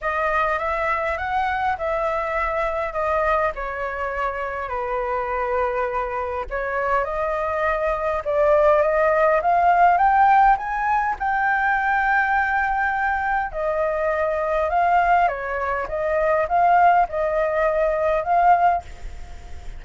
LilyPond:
\new Staff \with { instrumentName = "flute" } { \time 4/4 \tempo 4 = 102 dis''4 e''4 fis''4 e''4~ | e''4 dis''4 cis''2 | b'2. cis''4 | dis''2 d''4 dis''4 |
f''4 g''4 gis''4 g''4~ | g''2. dis''4~ | dis''4 f''4 cis''4 dis''4 | f''4 dis''2 f''4 | }